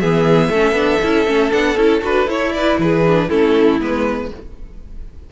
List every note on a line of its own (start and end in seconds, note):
0.00 0.50 E3
0.00 0.53 B3
0.00 0.49 G#4
0.00 1.52 E5
0.49 0.72 A3
0.49 0.74 C#4
0.49 2.53 A4
0.72 0.97 B3
0.72 1.00 D4
1.03 1.27 C#4
1.03 1.27 E4
1.27 1.52 A3
1.27 1.51 C#4
1.51 1.76 B3
1.51 1.76 D4
1.51 1.77 F#5
1.76 2.02 C#4
1.76 2.01 E4
1.76 2.02 A4
2.01 2.27 D4
2.01 2.27 F#4
2.01 2.30 B4
2.27 2.78 E4
2.27 3.04 E4
2.27 2.53 C#5
2.53 2.81 B4
2.53 2.78 D5
2.78 3.29 E3
2.78 3.28 G#4
2.78 3.30 B4
3.08 3.30 D4
3.28 3.81 A3
3.28 3.80 C#4
3.28 4.30 E4
3.28 3.81 A4
3.80 4.31 G#3
3.80 4.31 B3
3.80 4.32 B4